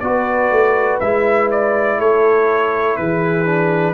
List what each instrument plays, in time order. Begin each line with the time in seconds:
0.00 tuba B3, trombone F#4, horn B4, trumpet D5
0.50 tuba A3
1.00 tuba G#3, trombone E4, trumpet E5
1.51 trumpet D5
1.99 tuba A3, horn A4, trumpet C#5
2.96 tuba E3, horn G#4, trumpet B4
3.45 trombone D4